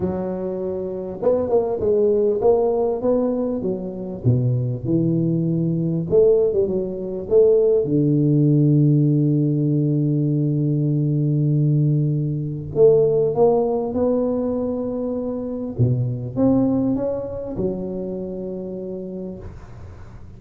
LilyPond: \new Staff \with { instrumentName = "tuba" } { \time 4/4 \tempo 4 = 99 fis2 b8 ais8 gis4 | ais4 b4 fis4 b,4 | e2 a8. g16 fis4 | a4 d2.~ |
d1~ | d4 a4 ais4 b4~ | b2 b,4 c'4 | cis'4 fis2. | }